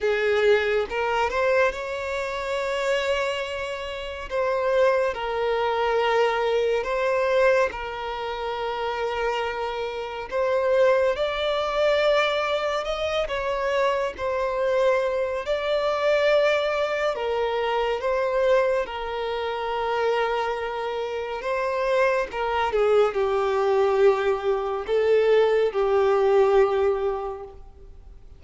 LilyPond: \new Staff \with { instrumentName = "violin" } { \time 4/4 \tempo 4 = 70 gis'4 ais'8 c''8 cis''2~ | cis''4 c''4 ais'2 | c''4 ais'2. | c''4 d''2 dis''8 cis''8~ |
cis''8 c''4. d''2 | ais'4 c''4 ais'2~ | ais'4 c''4 ais'8 gis'8 g'4~ | g'4 a'4 g'2 | }